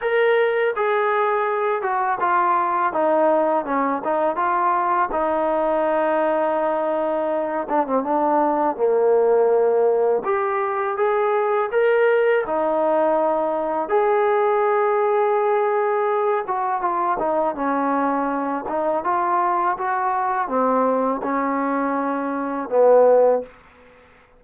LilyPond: \new Staff \with { instrumentName = "trombone" } { \time 4/4 \tempo 4 = 82 ais'4 gis'4. fis'8 f'4 | dis'4 cis'8 dis'8 f'4 dis'4~ | dis'2~ dis'8 d'16 c'16 d'4 | ais2 g'4 gis'4 |
ais'4 dis'2 gis'4~ | gis'2~ gis'8 fis'8 f'8 dis'8 | cis'4. dis'8 f'4 fis'4 | c'4 cis'2 b4 | }